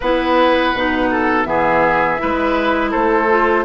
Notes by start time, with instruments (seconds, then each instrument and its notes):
0.00 bassoon B3, clarinet E4, oboe B4, flute F#5
0.73 bassoon B2, clarinet D#4
1.10 oboe A4
1.43 bassoon E3, clarinet B3, oboe G#4, flute E5
2.18 bassoon G#3, clarinet E4, oboe B4
2.91 bassoon A3, oboe A4, flute C5
3.29 clarinet F4